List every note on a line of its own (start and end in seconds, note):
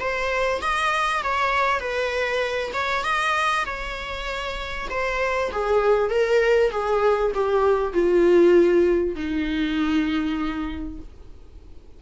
0.00 0.61 C5
0.62 1.23 D#5
1.23 1.80 C#5
1.80 2.72 B4
2.74 3.04 C#5
3.04 3.65 D#5
3.66 4.88 C#5
4.90 5.51 C5
5.52 6.10 G#4
6.10 6.71 A#4
6.71 7.32 G#4
7.34 7.93 G4
7.93 9.16 F4
9.16 10.99 D#4